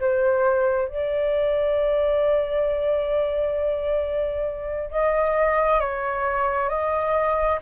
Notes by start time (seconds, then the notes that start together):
0.00 C5
0.88 D5
4.91 D#5
5.80 C#5
6.69 D#5